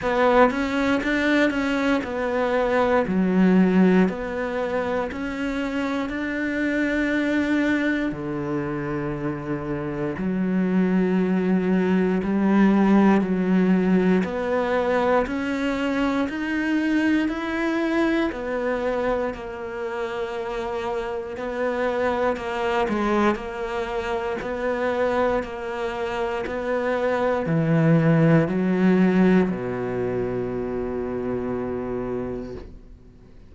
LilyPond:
\new Staff \with { instrumentName = "cello" } { \time 4/4 \tempo 4 = 59 b8 cis'8 d'8 cis'8 b4 fis4 | b4 cis'4 d'2 | d2 fis2 | g4 fis4 b4 cis'4 |
dis'4 e'4 b4 ais4~ | ais4 b4 ais8 gis8 ais4 | b4 ais4 b4 e4 | fis4 b,2. | }